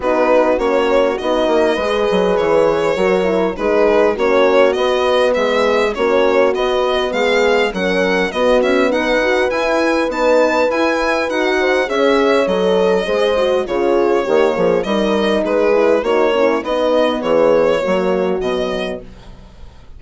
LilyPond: <<
  \new Staff \with { instrumentName = "violin" } { \time 4/4 \tempo 4 = 101 b'4 cis''4 dis''2 | cis''2 b'4 cis''4 | dis''4 e''4 cis''4 dis''4 | f''4 fis''4 dis''8 e''8 fis''4 |
gis''4 a''4 gis''4 fis''4 | e''4 dis''2 cis''4~ | cis''4 dis''4 b'4 cis''4 | dis''4 cis''2 dis''4 | }
  \new Staff \with { instrumentName = "horn" } { \time 4/4 fis'2. b'4~ | b'4 ais'4 gis'4 fis'4~ | fis'4 gis'4 fis'2 | gis'4 ais'4 fis'4 b'4~ |
b'2.~ b'8 c''8 | cis''2 c''4 gis'4 | g'8 gis'8 ais'4 gis'4 fis'8 e'8 | dis'4 gis'4 fis'2 | }
  \new Staff \with { instrumentName = "horn" } { \time 4/4 dis'4 cis'4 dis'4 gis'4~ | gis'4 fis'8 e'8 dis'4 cis'4 | b2 cis'4 b4~ | b4 cis'4 b4. fis'8 |
e'4 dis'4 e'4 fis'4 | gis'4 a'4 gis'8 fis'8 f'4 | ais4 dis'4. e'8 dis'8 cis'8 | b2 ais4 fis4 | }
  \new Staff \with { instrumentName = "bassoon" } { \time 4/4 b4 ais4 b8 ais8 gis8 fis8 | e4 fis4 gis4 ais4 | b4 gis4 ais4 b4 | gis4 fis4 b8 cis'8 dis'4 |
e'4 b4 e'4 dis'4 | cis'4 fis4 gis4 cis4 | dis8 f8 g4 gis4 ais4 | b4 e4 fis4 b,4 | }
>>